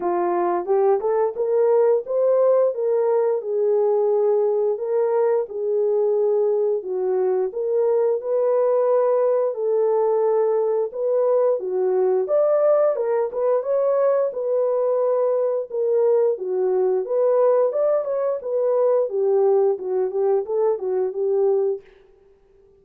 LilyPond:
\new Staff \with { instrumentName = "horn" } { \time 4/4 \tempo 4 = 88 f'4 g'8 a'8 ais'4 c''4 | ais'4 gis'2 ais'4 | gis'2 fis'4 ais'4 | b'2 a'2 |
b'4 fis'4 d''4 ais'8 b'8 | cis''4 b'2 ais'4 | fis'4 b'4 d''8 cis''8 b'4 | g'4 fis'8 g'8 a'8 fis'8 g'4 | }